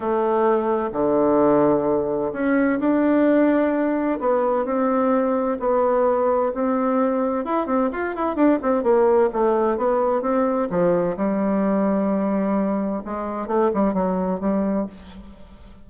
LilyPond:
\new Staff \with { instrumentName = "bassoon" } { \time 4/4 \tempo 4 = 129 a2 d2~ | d4 cis'4 d'2~ | d'4 b4 c'2 | b2 c'2 |
e'8 c'8 f'8 e'8 d'8 c'8 ais4 | a4 b4 c'4 f4 | g1 | gis4 a8 g8 fis4 g4 | }